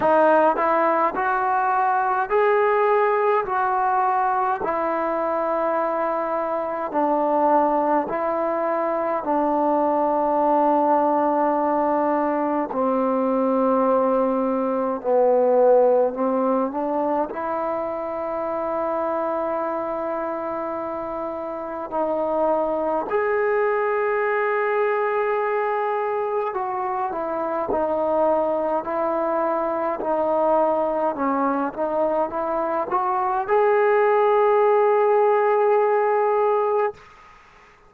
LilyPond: \new Staff \with { instrumentName = "trombone" } { \time 4/4 \tempo 4 = 52 dis'8 e'8 fis'4 gis'4 fis'4 | e'2 d'4 e'4 | d'2. c'4~ | c'4 b4 c'8 d'8 e'4~ |
e'2. dis'4 | gis'2. fis'8 e'8 | dis'4 e'4 dis'4 cis'8 dis'8 | e'8 fis'8 gis'2. | }